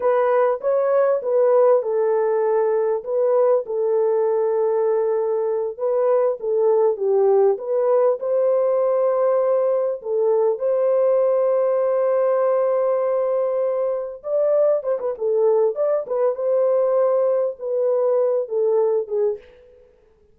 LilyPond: \new Staff \with { instrumentName = "horn" } { \time 4/4 \tempo 4 = 99 b'4 cis''4 b'4 a'4~ | a'4 b'4 a'2~ | a'4. b'4 a'4 g'8~ | g'8 b'4 c''2~ c''8~ |
c''8 a'4 c''2~ c''8~ | c''2.~ c''8 d''8~ | d''8 c''16 b'16 a'4 d''8 b'8 c''4~ | c''4 b'4. a'4 gis'8 | }